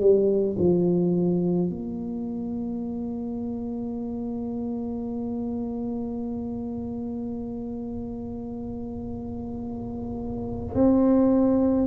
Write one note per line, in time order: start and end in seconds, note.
0.00 0.57 G3
0.58 1.70 F3
1.70 10.74 A#3
10.74 11.87 C4